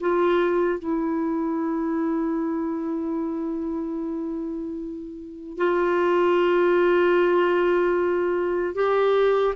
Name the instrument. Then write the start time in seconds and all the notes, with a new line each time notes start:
clarinet
0.00 F4
0.80 E4
5.57 F4
8.75 G4